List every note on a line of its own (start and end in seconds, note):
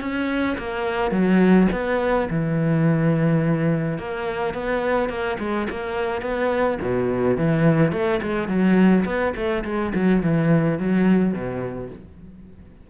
0.00 0.57 C#4
0.58 1.11 A#3
1.11 1.67 F#3
1.72 2.28 B3
2.30 3.98 E3
3.98 4.54 A#3
4.54 5.09 B3
5.09 5.37 A#3
5.39 5.67 G#3
5.70 6.21 A#3
6.21 6.78 B3
6.81 7.37 B2
7.37 7.92 E3
7.92 8.20 A3
8.22 8.48 G#3
8.48 9.04 F#3
9.05 9.33 B3
9.36 9.64 A3
9.64 9.92 G#3
9.94 10.22 F#3
10.23 10.79 E3
10.79 11.33 F#3
11.33 11.89 B2